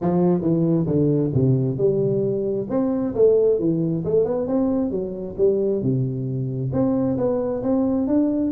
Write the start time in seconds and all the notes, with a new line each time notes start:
0.01 F3
0.41 E3
0.86 D3
1.34 C3
1.77 G3
2.69 C4
3.14 A3
3.59 E3
4.05 A3
4.24 B3
4.47 C4
4.90 F#3
5.37 G3
5.81 C3
6.72 C4
7.17 B3
7.62 C4
8.07 D4